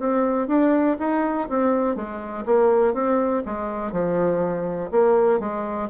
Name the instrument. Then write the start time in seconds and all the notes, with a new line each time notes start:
bassoon
0.00 C4
0.48 D4
0.99 D#4
1.49 C4
1.96 G#3
2.46 A#3
2.94 C4
3.46 G#3
3.93 F3
4.91 A#3
5.40 G#3